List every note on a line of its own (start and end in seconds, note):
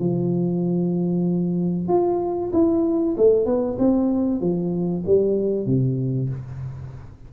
0.00 1.89 F3
1.89 2.52 F4
2.53 3.16 E4
3.18 3.46 A3
3.46 3.78 B3
3.79 4.41 C4
4.41 5.04 F3
5.06 5.66 G3
5.66 6.30 C3